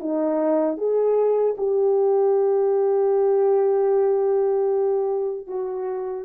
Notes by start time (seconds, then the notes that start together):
0.00 D#4
0.78 G#4
1.58 G4
5.47 F#4